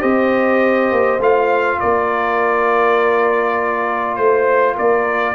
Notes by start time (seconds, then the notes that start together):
0.00 C4 G4 C5 D#5
0.91 A#3
1.18 A3 F4 F5
1.79 A#3 A#4 D5
4.15 A3 C5
4.75 A#3 A#4 D5